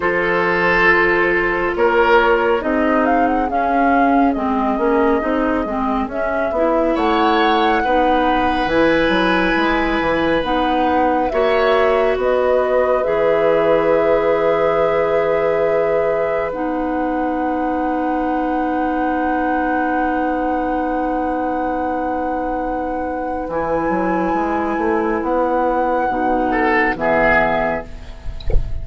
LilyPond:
<<
  \new Staff \with { instrumentName = "flute" } { \time 4/4 \tempo 4 = 69 c''2 cis''4 dis''8 f''16 fis''16 | f''4 dis''2 e''4 | fis''2 gis''2 | fis''4 e''4 dis''4 e''4~ |
e''2. fis''4~ | fis''1~ | fis''2. gis''4~ | gis''4 fis''2 e''4 | }
  \new Staff \with { instrumentName = "oboe" } { \time 4/4 a'2 ais'4 gis'4~ | gis'1 | cis''4 b'2.~ | b'4 cis''4 b'2~ |
b'1~ | b'1~ | b'1~ | b'2~ b'8 a'8 gis'4 | }
  \new Staff \with { instrumentName = "clarinet" } { \time 4/4 f'2. dis'4 | cis'4 c'8 cis'8 dis'8 c'8 cis'8 e'8~ | e'4 dis'4 e'2 | dis'4 fis'2 gis'4~ |
gis'2. dis'4~ | dis'1~ | dis'2. e'4~ | e'2 dis'4 b4 | }
  \new Staff \with { instrumentName = "bassoon" } { \time 4/4 f2 ais4 c'4 | cis'4 gis8 ais8 c'8 gis8 cis'8 b8 | a4 b4 e8 fis8 gis8 e8 | b4 ais4 b4 e4~ |
e2. b4~ | b1~ | b2. e8 fis8 | gis8 a8 b4 b,4 e4 | }
>>